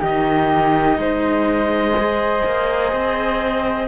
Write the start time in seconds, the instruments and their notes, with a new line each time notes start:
0.00 cello D#3 D#4, flute G4, clarinet D#5
0.97 cello G#3, flute C5
1.98 cello G#4
2.45 cello A#3
2.92 cello C4